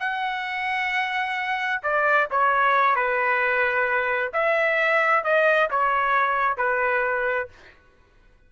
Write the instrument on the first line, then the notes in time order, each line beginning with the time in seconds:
trumpet
0.00 F#5
1.83 D5
2.31 C#5
2.96 B4
4.33 E5
5.24 D#5
5.71 C#5
6.58 B4